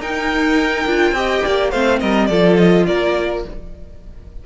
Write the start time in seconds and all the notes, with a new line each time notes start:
0.00 D#4 A#4 G5
0.86 D4 F4
1.12 C4 G4 D#5
1.45 A#3 D5
1.71 A3 C4 C5 F5
2.00 G3 A#4 D#5
2.27 F3 F4 A4 D5
2.57 D#5
2.86 A#3 A#4 D5